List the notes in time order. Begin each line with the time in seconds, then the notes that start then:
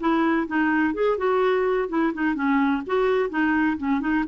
0.00 E4
0.47 D#4
0.94 G#4
1.18 F#4
1.89 E4
2.14 D#4
2.35 C#4
2.86 F#4
3.29 D#4
3.78 C#4
4.01 D#4